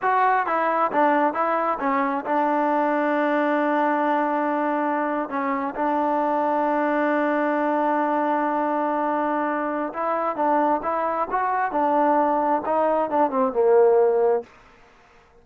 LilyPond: \new Staff \with { instrumentName = "trombone" } { \time 4/4 \tempo 4 = 133 fis'4 e'4 d'4 e'4 | cis'4 d'2.~ | d'2.~ d'8. cis'16~ | cis'8. d'2.~ d'16~ |
d'1~ | d'2 e'4 d'4 | e'4 fis'4 d'2 | dis'4 d'8 c'8 ais2 | }